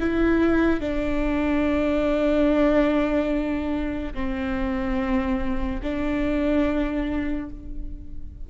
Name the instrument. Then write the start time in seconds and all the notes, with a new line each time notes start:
viola
0.00 E4
0.80 D4
4.14 C4
5.83 D4